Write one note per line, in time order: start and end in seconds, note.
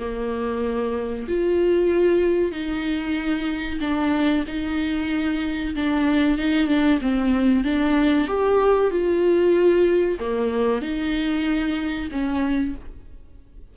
0.00 1.28 A#3
1.28 2.52 F4
2.52 3.79 D#4
3.81 4.44 D4
4.47 5.75 D#4
5.76 6.38 D4
6.38 6.68 D#4
6.68 7.00 D4
7.01 7.65 C4
7.65 8.28 D4
8.28 8.91 G4
8.91 10.19 F4
10.20 10.82 A#3
10.82 12.10 D#4
12.11 12.75 C#4